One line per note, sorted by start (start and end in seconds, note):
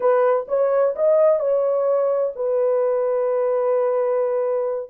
0.00 0.46 B4
0.48 0.95 C#5
0.95 1.39 D#5
1.39 2.33 C#5
2.35 4.89 B4